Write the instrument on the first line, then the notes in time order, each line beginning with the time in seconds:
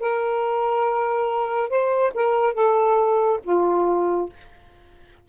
saxophone
0.00 A#4
1.70 C5
2.15 A#4
2.54 A4
3.44 F4